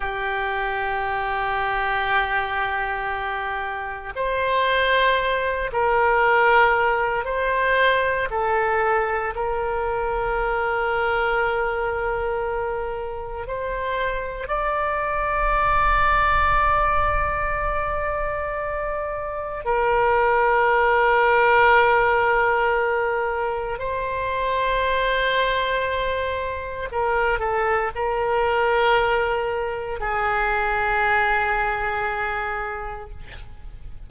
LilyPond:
\new Staff \with { instrumentName = "oboe" } { \time 4/4 \tempo 4 = 58 g'1 | c''4. ais'4. c''4 | a'4 ais'2.~ | ais'4 c''4 d''2~ |
d''2. ais'4~ | ais'2. c''4~ | c''2 ais'8 a'8 ais'4~ | ais'4 gis'2. | }